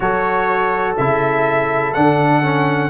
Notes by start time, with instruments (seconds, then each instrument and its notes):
0.00 tuba F#3, trombone F#4, horn A4, trumpet C#5
0.97 tuba C#3, trombone E4, trumpet E5
1.93 tuba D3, trombone D4, trumpet F#5
2.42 trombone C#4